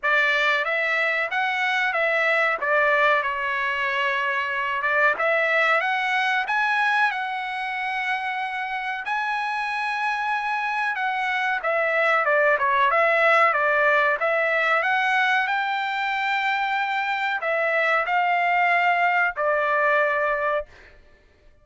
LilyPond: \new Staff \with { instrumentName = "trumpet" } { \time 4/4 \tempo 4 = 93 d''4 e''4 fis''4 e''4 | d''4 cis''2~ cis''8 d''8 | e''4 fis''4 gis''4 fis''4~ | fis''2 gis''2~ |
gis''4 fis''4 e''4 d''8 cis''8 | e''4 d''4 e''4 fis''4 | g''2. e''4 | f''2 d''2 | }